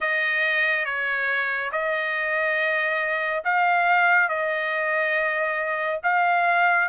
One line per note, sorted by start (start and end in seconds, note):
0.00 0.85 D#5
0.85 1.70 C#5
1.71 3.43 D#5
3.44 4.29 F5
4.29 6.00 D#5
6.03 6.88 F5